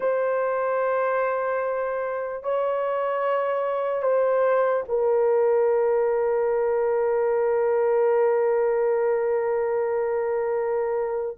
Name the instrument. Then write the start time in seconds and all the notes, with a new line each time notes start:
horn
0.00 C5
2.43 C#5
4.02 C5
4.88 A#4